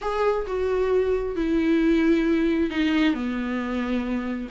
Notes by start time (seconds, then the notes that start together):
0.01 G#4
0.47 F#4
1.36 E4
2.70 D#4
3.13 B3